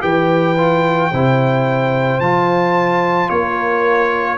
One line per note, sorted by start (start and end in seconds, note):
0.00 1.12 E3
0.00 0.55 G4
0.00 1.11 B4
0.00 2.20 G5
0.57 1.12 F4
1.11 2.20 C3
1.11 2.22 E4
1.11 3.30 C5
2.20 3.29 F3
2.20 4.37 F4
2.20 3.29 A5
3.29 4.37 A#3
3.29 4.37 A#4
3.29 4.37 C#5